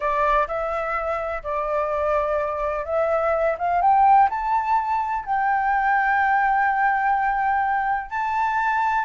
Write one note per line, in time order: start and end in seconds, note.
0.00 0.47 D5
0.47 1.42 E5
1.43 2.85 D5
2.85 3.56 E5
3.58 3.81 F5
3.81 4.29 G5
4.29 5.25 A5
5.25 8.10 G5
8.10 9.05 A5